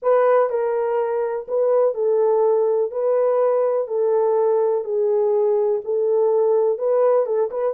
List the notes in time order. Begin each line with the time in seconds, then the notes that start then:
0.02 B4
0.49 A#4
1.48 B4
1.94 A4
2.91 B4
3.87 A4
4.84 G#4
5.84 A4
6.78 B4
7.25 A4
7.50 B4